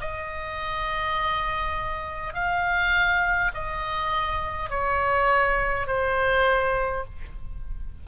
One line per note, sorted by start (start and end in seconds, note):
0.00 2.34 D#5
2.34 3.51 F5
3.54 4.70 D#5
4.70 5.87 C#5
5.87 7.04 C5